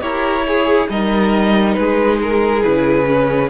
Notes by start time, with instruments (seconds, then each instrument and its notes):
0.00 cello E4, viola G4, violin A#4 C#5
0.48 violin G#4, viola G#4
0.90 cello G3, viola D#4, violin A#4 D#5
1.74 cello G#3, violin G#4 B4
2.22 violin A#4
2.62 cello C#3, viola E4, violin B4
3.07 viola C#4